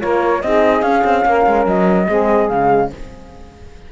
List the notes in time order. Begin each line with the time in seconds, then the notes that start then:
0.00 A#3 F4 A#4 C#5
0.42 C4 D#4 G#4 D#5
0.82 C#4 F5
1.04 C4
1.25 A#3 A#4
1.46 G#3
1.66 F#3 D#5
2.07 G#3 C4 G#4
2.49 C#3 G#3 F5